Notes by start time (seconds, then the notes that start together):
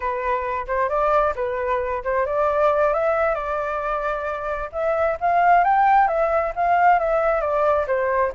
0.00 B4
0.67 C5
0.89 D5
1.35 B4
2.03 C5
2.26 D5
2.93 E5
3.34 D5
4.72 E5
5.20 F5
5.64 G5
6.07 E5
6.55 F5
6.99 E5
7.40 D5
7.87 C5